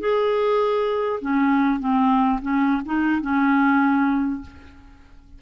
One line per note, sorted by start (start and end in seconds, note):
0.00 1.20 G#4
1.21 1.80 C#4
1.80 2.40 C4
2.42 2.82 C#4
2.86 3.21 D#4
3.21 4.41 C#4